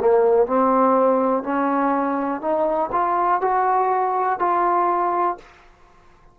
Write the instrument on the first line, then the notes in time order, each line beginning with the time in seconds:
trombone
0.00 A#3
0.47 C4
1.44 C#4
2.41 D#4
2.92 F4
3.42 F#4
4.40 F4